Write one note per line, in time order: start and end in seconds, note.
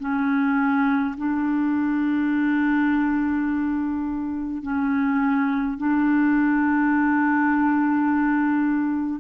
0.00 1.15 C#4
1.18 4.63 D4
4.63 5.78 C#4
5.78 9.20 D4